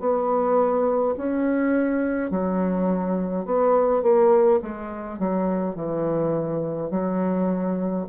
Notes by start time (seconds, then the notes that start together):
0.00 B3
1.17 C#4
2.31 F#3
3.46 B3
4.03 A#3
4.63 G#3
5.19 F#3
5.76 E3
6.91 F#3